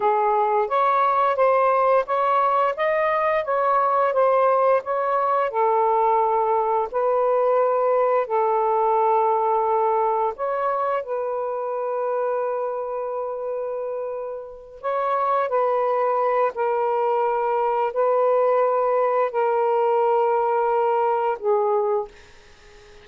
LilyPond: \new Staff \with { instrumentName = "saxophone" } { \time 4/4 \tempo 4 = 87 gis'4 cis''4 c''4 cis''4 | dis''4 cis''4 c''4 cis''4 | a'2 b'2 | a'2. cis''4 |
b'1~ | b'4. cis''4 b'4. | ais'2 b'2 | ais'2. gis'4 | }